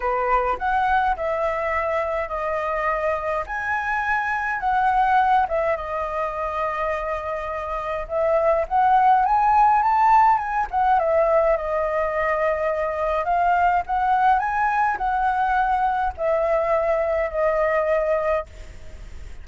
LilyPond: \new Staff \with { instrumentName = "flute" } { \time 4/4 \tempo 4 = 104 b'4 fis''4 e''2 | dis''2 gis''2 | fis''4. e''8 dis''2~ | dis''2 e''4 fis''4 |
gis''4 a''4 gis''8 fis''8 e''4 | dis''2. f''4 | fis''4 gis''4 fis''2 | e''2 dis''2 | }